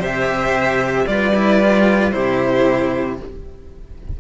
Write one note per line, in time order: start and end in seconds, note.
0.00 1.06 C3
0.00 1.05 G4
0.00 1.05 C5
0.00 1.07 E5
1.07 2.13 G3
1.07 1.33 F4
1.07 2.14 B4
1.07 2.12 D5
1.35 1.61 E4
1.61 2.11 F4
2.11 3.20 C3
2.11 3.16 E4
2.11 3.19 G4
2.11 3.17 C5